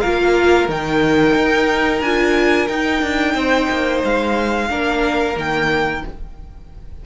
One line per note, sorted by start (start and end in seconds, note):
0.00 0.68 A#3
0.00 0.69 F4
0.00 3.33 A#4
0.00 0.67 F5
0.68 1.34 D#3
0.68 2.02 D#4
0.68 2.01 G5
1.35 2.01 D#4
2.01 2.67 D4
2.01 2.69 F4
2.01 2.67 G#5
2.67 3.02 D#4
2.67 4.69 D#4
2.67 4.01 G5
3.02 3.34 D4
3.33 3.67 C4
3.33 4.67 C5
3.69 4.03 A#3
4.04 4.69 G#3
4.04 5.38 F5
4.69 5.36 A#3
4.69 5.34 D4
4.69 6.04 A#4
5.34 6.03 D#3
5.34 6.01 A#3
5.34 6.06 G5